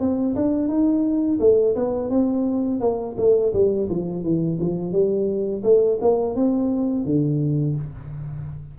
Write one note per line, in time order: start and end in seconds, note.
0.00 0.35 C4
0.36 0.69 D4
0.69 1.39 D#4
1.40 1.76 A3
1.76 2.10 B3
2.10 2.80 C4
2.80 3.16 A#3
3.18 3.53 A3
3.54 3.89 G3
3.90 4.24 F3
4.24 4.59 E3
4.60 4.93 F3
4.93 5.63 G3
5.64 5.99 A3
6.01 6.36 A#3
6.36 7.06 C4
7.06 7.76 D3